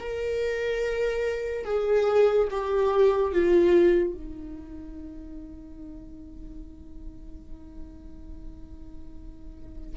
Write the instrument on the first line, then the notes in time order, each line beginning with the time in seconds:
viola
0.00 A#4
1.65 G#4
2.51 G4
3.33 F4
4.14 D#4